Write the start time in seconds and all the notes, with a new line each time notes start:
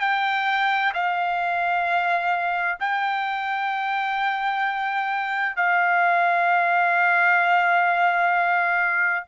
0.00 G5
0.94 F5
2.79 G5
5.56 F5